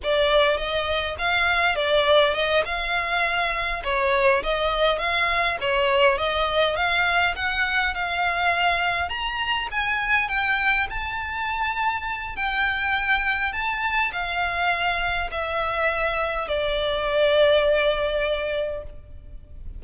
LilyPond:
\new Staff \with { instrumentName = "violin" } { \time 4/4 \tempo 4 = 102 d''4 dis''4 f''4 d''4 | dis''8 f''2 cis''4 dis''8~ | dis''8 f''4 cis''4 dis''4 f''8~ | f''8 fis''4 f''2 ais''8~ |
ais''8 gis''4 g''4 a''4.~ | a''4 g''2 a''4 | f''2 e''2 | d''1 | }